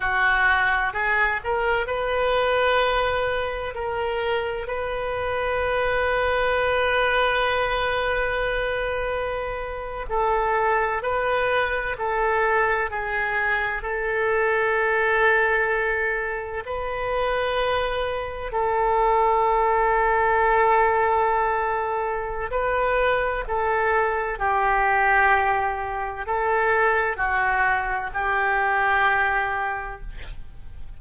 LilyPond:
\new Staff \with { instrumentName = "oboe" } { \time 4/4 \tempo 4 = 64 fis'4 gis'8 ais'8 b'2 | ais'4 b'2.~ | b'2~ b'8. a'4 b'16~ | b'8. a'4 gis'4 a'4~ a'16~ |
a'4.~ a'16 b'2 a'16~ | a'1 | b'4 a'4 g'2 | a'4 fis'4 g'2 | }